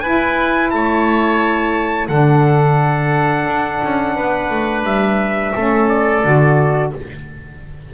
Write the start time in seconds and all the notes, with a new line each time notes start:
0.00 E4 B4 G#5
0.70 A3 C#5 A5
2.08 D3 D4 A4 F#5
3.46 D4
3.84 C#4
4.16 B3 B4
4.51 A3
4.84 G3 E5
5.54 A3 C#4 A4
5.89 D5
6.24 D3 F#4